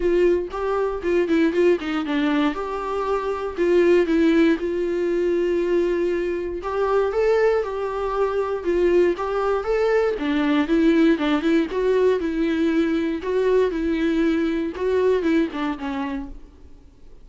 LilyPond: \new Staff \with { instrumentName = "viola" } { \time 4/4 \tempo 4 = 118 f'4 g'4 f'8 e'8 f'8 dis'8 | d'4 g'2 f'4 | e'4 f'2.~ | f'4 g'4 a'4 g'4~ |
g'4 f'4 g'4 a'4 | d'4 e'4 d'8 e'8 fis'4 | e'2 fis'4 e'4~ | e'4 fis'4 e'8 d'8 cis'4 | }